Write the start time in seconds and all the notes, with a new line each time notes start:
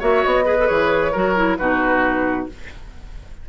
0.00 A#3 F#4 C#5 E5
0.25 B3 D#5
0.46 G#4 B4
0.60 A4
0.67 E3 G#4 C#5
1.12 F#3 F#4 A#4
1.36 E4
1.57 B2 D#4 F#4 B4